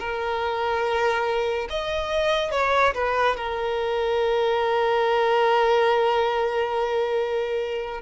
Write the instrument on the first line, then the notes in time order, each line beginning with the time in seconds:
violin
0.00 A#4
1.70 D#5
2.52 C#5
2.95 B4
3.37 A#4